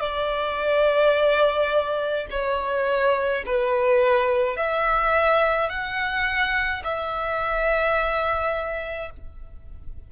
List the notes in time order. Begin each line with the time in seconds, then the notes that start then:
0.00 D5
2.31 C#5
3.45 B4
4.56 E5
5.69 F#5
6.83 E5